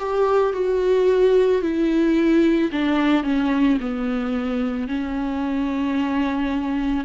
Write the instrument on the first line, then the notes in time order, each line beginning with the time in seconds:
viola
0.00 G4
0.53 F#4
1.62 E4
2.72 D4
3.24 C#4
3.80 B3
4.88 C#4